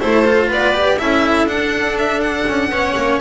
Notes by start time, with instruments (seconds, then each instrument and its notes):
0.00 double bass A3, cello E4, viola A4, violin C5
0.26 cello F4
0.48 double bass B3, viola B4, violin D5
0.73 cello G4
0.98 double bass C#4, cello E4, viola A4, violin E5
1.45 double bass D4, cello D4, violin F#5
1.98 violin E5
2.20 violin F#5
2.48 double bass C#4
2.69 double bass B3, cello C#4, viola C#5
2.96 double bass A#3